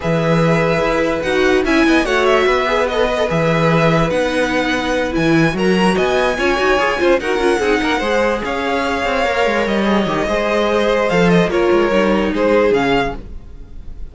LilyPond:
<<
  \new Staff \with { instrumentName = "violin" } { \time 4/4 \tempo 4 = 146 e''2. fis''4 | gis''4 fis''8 e''4. dis''4 | e''2 fis''2~ | fis''8 gis''4 ais''4 gis''4.~ |
gis''4. fis''2~ fis''8~ | fis''8 f''2. dis''8~ | dis''2. f''8 dis''8 | cis''2 c''4 f''4 | }
  \new Staff \with { instrumentName = "violin" } { \time 4/4 b'1 | e''8 dis''8 cis''4 b'2~ | b'1~ | b'4. ais'4 dis''4 cis''8~ |
cis''4 c''8 ais'4 gis'8 ais'8 c''8~ | c''8 cis''2.~ cis''8~ | cis''4 c''2. | ais'2 gis'2 | }
  \new Staff \with { instrumentName = "viola" } { \time 4/4 gis'2. fis'4 | e'4 fis'4. gis'8 a'8 b'16 a'16 | gis'2 dis'2~ | dis'8 e'4 fis'2 f'8 |
fis'8 gis'8 f'8 fis'8 f'8 dis'4 gis'8~ | gis'2~ gis'8 ais'4. | gis'8 g'8 gis'2 a'4 | f'4 dis'2 cis'4 | }
  \new Staff \with { instrumentName = "cello" } { \time 4/4 e2 e'4 dis'4 | cis'8 b8 a4 b2 | e2 b2~ | b8 e4 fis4 b4 cis'8 |
dis'8 f'8 cis'8 dis'8 cis'8 c'8 ais8 gis8~ | gis8 cis'4. c'8 ais8 gis8 g8~ | g8 dis8 gis2 f4 | ais8 gis8 g4 gis4 cis4 | }
>>